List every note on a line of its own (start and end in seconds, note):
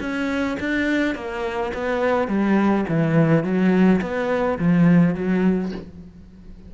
0.00 0.57 C#4
0.59 1.15 D4
1.15 1.72 A#3
1.74 2.27 B3
2.27 2.84 G3
2.89 3.43 E3
3.43 4.01 F#3
4.01 4.58 B3
4.58 5.15 F3
5.15 5.72 F#3